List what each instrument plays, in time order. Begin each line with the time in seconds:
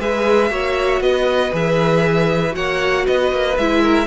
0.00 cello G#3, viola G#4, violin B4 E5
0.51 cello A#3, viola F#4, violin C#5
1.01 cello B3, violin B4 D#5
1.53 cello E3, viola G#4, violin E5
2.52 cello A#3, viola F#4, violin C#5 F#5
3.06 cello B3, violin B4 D#5
3.32 cello A#3
3.58 cello G#3, viola E4, violin E5
3.82 violin A#4